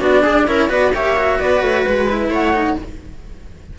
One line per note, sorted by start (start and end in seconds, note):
0.00 0.24 B3
0.00 0.46 D4
0.00 0.22 F#4
0.00 0.48 D5
0.22 0.48 D4
0.22 0.45 G#4
0.46 0.69 C#4
0.46 0.68 E4
0.46 0.70 A#4
0.46 0.70 C#5
0.68 0.92 B3
0.68 0.91 F#4
0.68 0.92 B4
0.68 0.93 D5
0.94 1.39 A#3
0.94 1.16 G4
0.94 1.38 C#5
0.94 1.40 E5
1.16 2.07 F#4
1.38 1.62 B3
1.38 2.29 B4
1.38 1.61 D5
1.61 1.85 A3
1.61 1.84 C#5
1.85 2.28 G#3
1.85 2.31 B4
2.09 2.53 E4
2.28 2.74 A3
2.28 2.75 C#5
2.28 2.78 F#5
2.53 2.76 D#4